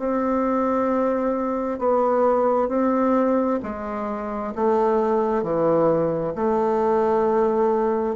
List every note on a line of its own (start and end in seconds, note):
0.00 1.79 C4
1.79 2.69 B3
2.69 3.60 C4
3.63 4.54 G#3
4.55 5.43 A3
5.43 6.34 E3
6.36 8.16 A3